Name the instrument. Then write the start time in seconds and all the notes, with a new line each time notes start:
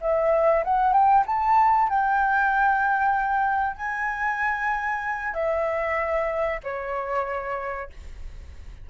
flute
0.00 E5
0.64 F#5
0.93 G5
1.26 A5
1.89 G5
3.76 G#5
5.34 E5
6.63 C#5